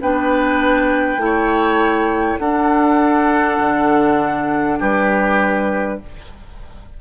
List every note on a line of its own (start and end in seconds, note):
0.00 1.16 B3
0.00 1.19 D4
0.00 1.21 B4
0.00 2.39 G5
1.16 2.36 A3
1.16 2.39 E4
1.24 2.40 C#5
2.39 3.58 D4
2.39 6.00 D4
2.39 4.79 A4
2.39 4.79 F#5
3.58 4.78 D3
4.79 6.00 G3
4.79 5.99 G4
4.79 6.00 B4